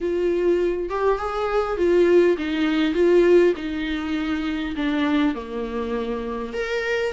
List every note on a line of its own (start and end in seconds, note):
0.00 0.89 F4
0.89 1.18 G4
1.18 1.77 G#4
1.77 2.36 F4
2.37 2.94 D#4
2.94 3.53 F4
3.56 4.75 D#4
4.76 5.35 D4
5.35 6.53 A#3
6.53 7.12 A#4